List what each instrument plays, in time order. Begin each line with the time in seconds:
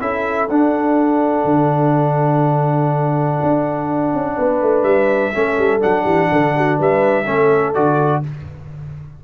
0.00 tuba C#4, trombone E4, horn A4, trumpet E5
0.49 tuba D4, trombone D4, trumpet F#5
1.44 tuba D3
3.42 tuba D4
4.13 tuba C#4
4.36 tuba B3, horn B4
4.61 tuba A3
4.83 tuba G3, trumpet E5
5.33 tuba A3, trombone C#4, horn A4
5.58 tuba G3
5.79 tuba F#3, trombone D4, trumpet F#5
6.03 tuba E3, horn G4
6.31 tuba D3, horn A4
6.56 horn F#4
6.78 tuba G3, horn B4, trumpet E5
7.25 tuba A3, trombone C#4, horn A4
7.74 tuba D3, trombone F#4, trumpet D5